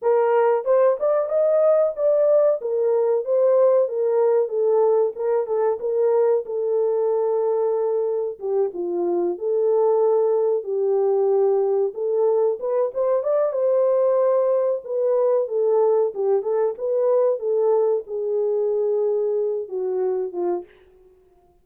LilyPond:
\new Staff \with { instrumentName = "horn" } { \time 4/4 \tempo 4 = 93 ais'4 c''8 d''8 dis''4 d''4 | ais'4 c''4 ais'4 a'4 | ais'8 a'8 ais'4 a'2~ | a'4 g'8 f'4 a'4.~ |
a'8 g'2 a'4 b'8 | c''8 d''8 c''2 b'4 | a'4 g'8 a'8 b'4 a'4 | gis'2~ gis'8 fis'4 f'8 | }